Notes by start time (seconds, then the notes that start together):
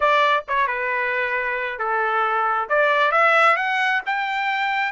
0.00 D5
0.48 C#5
0.67 B4
1.78 A4
2.69 D5
3.11 E5
3.56 F#5
4.05 G5